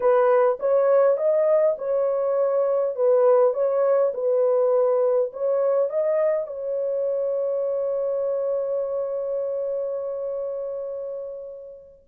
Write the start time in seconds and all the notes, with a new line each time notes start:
0.00 B4
0.59 C#5
1.17 D#5
1.78 C#5
2.95 B4
3.53 C#5
4.14 B4
5.32 C#5
5.89 D#5
6.46 C#5